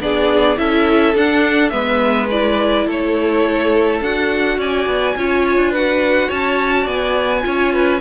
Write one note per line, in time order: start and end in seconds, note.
0.00 0.57 B3
0.00 0.56 D4
0.00 0.59 G#4
0.00 0.58 D5
0.56 1.14 C#4
0.56 1.14 E4
0.56 1.73 A4
0.56 1.15 E5
1.14 1.72 D4
1.14 1.71 D4
1.14 1.69 F#5
1.69 2.86 G#3
1.69 2.28 B3
1.69 2.86 B4
1.69 2.26 E5
2.30 4.03 E4
2.30 2.87 D5
2.86 4.01 A3
2.86 4.58 A4
2.86 4.02 C#5
4.01 4.57 D4
4.01 5.17 F#4
4.01 4.59 F#5
4.57 4.86 C#4
4.57 5.16 D5
4.57 5.74 G#5
4.86 5.15 B3
5.16 5.56 C#4
5.16 5.75 F4
5.16 5.71 C#5
5.56 6.28 D4
5.71 7.42 F#4
5.71 6.28 B4
5.71 6.30 F#5
6.28 6.87 C#4
6.28 6.83 C#5
6.28 6.87 A5
6.83 7.44 B3
6.83 7.40 D5
6.83 8.01 G#5
7.42 8.01 C#4
7.42 7.99 F4
7.42 7.73 C#5
7.73 8.01 B4